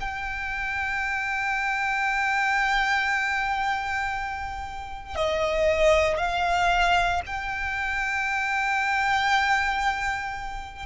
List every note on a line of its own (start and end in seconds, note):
0.00 5.15 G5
5.15 6.17 D#5
6.17 7.21 F5
7.26 10.86 G5